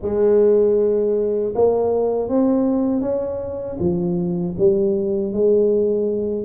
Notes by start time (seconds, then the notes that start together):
0.02 G#3
1.55 A#3
2.29 C4
3.01 C#4
3.79 F3
4.58 G3
5.32 G#3